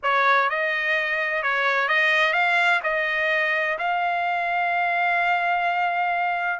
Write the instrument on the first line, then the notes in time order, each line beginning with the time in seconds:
trumpet
0.02 C#5
0.49 D#5
1.42 C#5
1.88 D#5
2.33 F5
2.83 D#5
3.78 F5